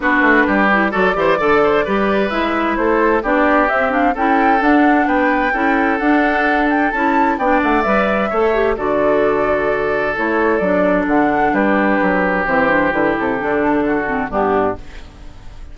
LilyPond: <<
  \new Staff \with { instrumentName = "flute" } { \time 4/4 \tempo 4 = 130 b'2 d''2~ | d''4 e''4 c''4 d''4 | e''8 f''8 g''4 fis''4 g''4~ | g''4 fis''4. g''8 a''4 |
g''8 fis''8 e''2 d''4~ | d''2 cis''4 d''4 | fis''4 b'2 c''4 | b'8 a'2~ a'8 g'4 | }
  \new Staff \with { instrumentName = "oboe" } { \time 4/4 fis'4 g'4 a'8 c''8 d''8 c''8 | b'2 a'4 g'4~ | g'4 a'2 b'4 | a'1 |
d''2 cis''4 a'4~ | a'1~ | a'4 g'2.~ | g'2 fis'4 d'4 | }
  \new Staff \with { instrumentName = "clarinet" } { \time 4/4 d'4. e'8 fis'8 g'8 a'4 | g'4 e'2 d'4 | c'8 d'8 e'4 d'2 | e'4 d'2 e'4 |
d'4 b'4 a'8 g'8 fis'4~ | fis'2 e'4 d'4~ | d'2. c'8 d'8 | e'4 d'4. c'8 b4 | }
  \new Staff \with { instrumentName = "bassoon" } { \time 4/4 b8 a8 g4 fis8 e8 d4 | g4 gis4 a4 b4 | c'4 cis'4 d'4 b4 | cis'4 d'2 cis'4 |
b8 a8 g4 a4 d4~ | d2 a4 fis4 | d4 g4 fis4 e4 | d8 c8 d2 g,4 | }
>>